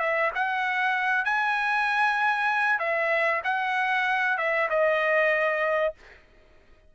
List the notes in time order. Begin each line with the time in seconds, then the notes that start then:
0.00 E5
0.35 F#5
1.25 G#5
2.80 E5
3.45 F#5
4.38 E5
4.70 D#5